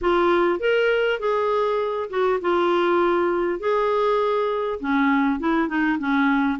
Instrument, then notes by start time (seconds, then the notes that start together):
clarinet
0.01 F4
0.59 A#4
1.19 G#4
2.09 F#4
2.41 F4
3.59 G#4
4.80 C#4
5.39 E4
5.68 D#4
5.98 C#4